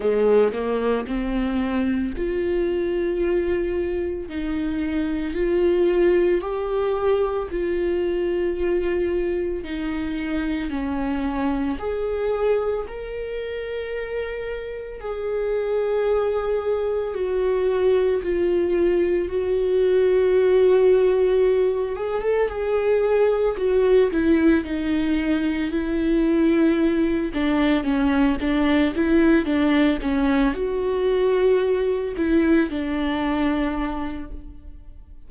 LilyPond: \new Staff \with { instrumentName = "viola" } { \time 4/4 \tempo 4 = 56 gis8 ais8 c'4 f'2 | dis'4 f'4 g'4 f'4~ | f'4 dis'4 cis'4 gis'4 | ais'2 gis'2 |
fis'4 f'4 fis'2~ | fis'8 gis'16 a'16 gis'4 fis'8 e'8 dis'4 | e'4. d'8 cis'8 d'8 e'8 d'8 | cis'8 fis'4. e'8 d'4. | }